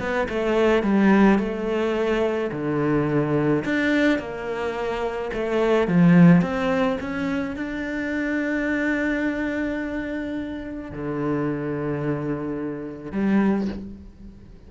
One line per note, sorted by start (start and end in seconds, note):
0.00 0.28 B3
0.29 0.83 A3
0.83 1.39 G3
1.39 2.51 A3
2.52 3.64 D3
3.65 4.19 D4
4.19 5.31 A#3
5.33 5.88 A3
5.88 6.42 F3
6.42 6.98 C4
7.01 7.56 C#4
7.56 10.92 D4
10.92 13.12 D3
13.12 13.68 G3